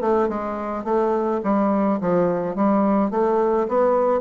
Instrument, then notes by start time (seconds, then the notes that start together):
bassoon
0.00 A3
0.28 G#3
0.84 A3
1.43 G3
2.00 F3
2.55 G3
3.10 A3
3.68 B3